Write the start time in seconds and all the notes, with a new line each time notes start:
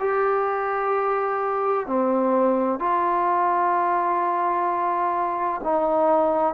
0.00 G4
1.87 C4
2.80 F4
5.64 D#4